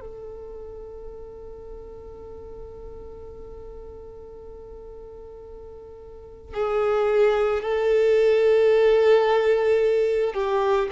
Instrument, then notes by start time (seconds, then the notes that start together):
violin
0.00 A4
6.53 G#4
7.62 A4
10.33 G4